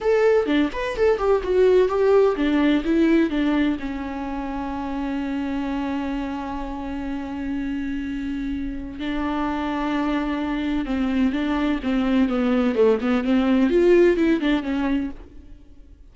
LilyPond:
\new Staff \with { instrumentName = "viola" } { \time 4/4 \tempo 4 = 127 a'4 d'8 b'8 a'8 g'8 fis'4 | g'4 d'4 e'4 d'4 | cis'1~ | cis'1~ |
cis'2. d'4~ | d'2. c'4 | d'4 c'4 b4 a8 b8 | c'4 f'4 e'8 d'8 cis'4 | }